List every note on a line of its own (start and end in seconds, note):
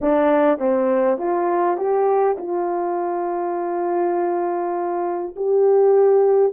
0.01 0.58 D4
0.58 1.17 C4
1.17 1.77 F4
1.77 2.36 G4
2.38 5.35 F4
5.36 6.53 G4